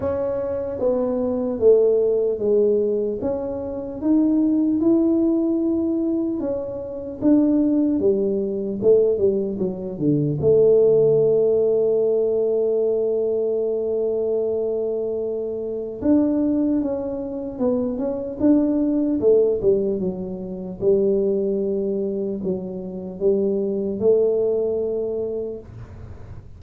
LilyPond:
\new Staff \with { instrumentName = "tuba" } { \time 4/4 \tempo 4 = 75 cis'4 b4 a4 gis4 | cis'4 dis'4 e'2 | cis'4 d'4 g4 a8 g8 | fis8 d8 a2.~ |
a1 | d'4 cis'4 b8 cis'8 d'4 | a8 g8 fis4 g2 | fis4 g4 a2 | }